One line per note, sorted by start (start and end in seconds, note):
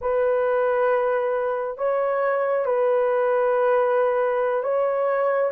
0.01 1.77 B4
1.77 2.65 C#5
2.65 4.63 B4
4.63 5.51 C#5